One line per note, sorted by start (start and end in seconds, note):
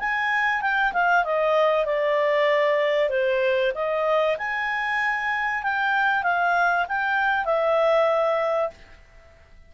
0.00 0.62 G#5
0.62 0.93 G5
0.93 1.25 F5
1.25 1.86 D#5
1.86 3.10 D5
3.10 3.72 C5
3.75 4.38 D#5
4.38 5.63 G#5
5.64 6.24 G5
6.24 6.86 F5
6.89 7.45 G5
7.45 8.70 E5